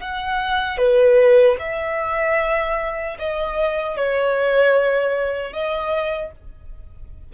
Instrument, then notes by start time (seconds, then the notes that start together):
violin
0.00 F#5
0.77 B4
1.59 E5
3.18 D#5
3.96 C#5
5.52 D#5